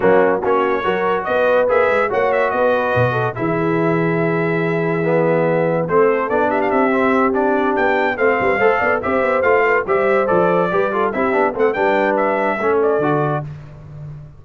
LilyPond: <<
  \new Staff \with { instrumentName = "trumpet" } { \time 4/4 \tempo 4 = 143 fis'4 cis''2 dis''4 | e''4 fis''8 e''8 dis''2 | e''1~ | e''2 c''4 d''8 e''16 f''16 |
e''4. d''4 g''4 f''8~ | f''4. e''4 f''4 e''8~ | e''8 d''2 e''4 fis''8 | g''4 e''4. d''4. | }
  \new Staff \with { instrumentName = "horn" } { \time 4/4 cis'4 fis'4 ais'4 b'4~ | b'4 cis''4 b'4. a'8 | gis'1~ | gis'2 a'4. g'8~ |
g'2.~ g'8 c''8 | b'8 c''8 d''8 c''4. b'8 c''8~ | c''4. b'8 a'8 g'4 a'8 | b'2 a'2 | }
  \new Staff \with { instrumentName = "trombone" } { \time 4/4 ais4 cis'4 fis'2 | gis'4 fis'2. | e'1 | b2 c'4 d'4~ |
d'8 c'4 d'2 c'8~ | c'8 a'4 g'4 f'4 g'8~ | g'8 a'4 g'8 f'8 e'8 d'8 c'8 | d'2 cis'4 fis'4 | }
  \new Staff \with { instrumentName = "tuba" } { \time 4/4 fis4 ais4 fis4 b4 | ais8 gis8 ais4 b4 b,4 | e1~ | e2 a4 b4 |
c'2~ c'8 b4 a8 | g8 a8 b8 c'8 b8 a4 g8~ | g8 f4 g4 c'8 b8 a8 | g2 a4 d4 | }
>>